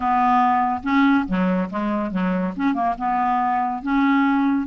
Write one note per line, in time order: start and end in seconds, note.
0.00 0.81 B3
0.83 1.25 C#4
1.27 1.69 F#3
1.70 2.11 G#3
2.11 2.53 F#3
2.56 2.73 C#4
2.73 2.95 A#3
2.98 3.82 B3
3.82 4.67 C#4